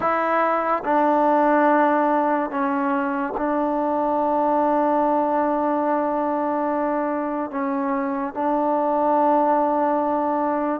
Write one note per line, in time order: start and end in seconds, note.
0.00 0.83 E4
0.84 2.50 D4
2.50 3.33 C#4
3.37 7.50 D4
7.50 8.33 C#4
8.33 10.80 D4